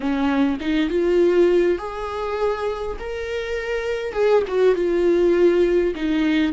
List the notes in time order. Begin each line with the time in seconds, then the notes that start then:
0.00 C#4
0.60 D#4
0.89 F4
1.78 G#4
2.99 A#4
4.12 G#4
4.47 F#4
4.75 F4
5.95 D#4